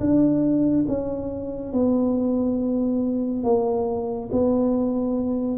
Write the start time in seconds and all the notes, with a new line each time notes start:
0.00 D4
0.88 C#4
1.73 B3
3.44 A#3
4.32 B3